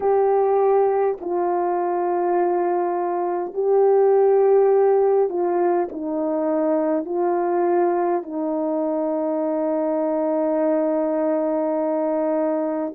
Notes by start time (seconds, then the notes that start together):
0.00 G4
1.20 F4
3.53 G4
5.29 F4
5.91 D#4
7.05 F4
8.22 D#4